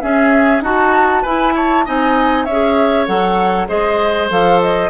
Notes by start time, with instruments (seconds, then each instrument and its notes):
0.00 clarinet C#4, bassoon C#4, oboe G#4, flute E5
0.61 bassoon D#4, oboe F#4, clarinet F#4, flute A5
1.22 clarinet E4, bassoon E4, oboe B4, flute G#5
1.55 oboe C#5, flute A5
1.85 bassoon C4, clarinet D#4, oboe D#5, flute G#5
2.44 bassoon C#4, oboe C#5, flute E5
2.51 clarinet G#4
3.06 bassoon F#3, clarinet A4, flute F#5
3.68 bassoon G#3, clarinet G#4, oboe C5, flute D#5
4.29 bassoon F3, clarinet A4, flute F5
4.61 flute D#5